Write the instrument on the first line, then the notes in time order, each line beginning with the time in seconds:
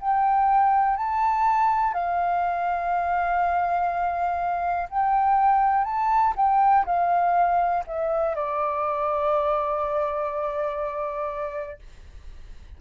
flute
0.00 G5
0.97 A5
1.93 F5
4.89 G5
5.84 A5
6.36 G5
6.85 F5
7.87 E5
8.35 D5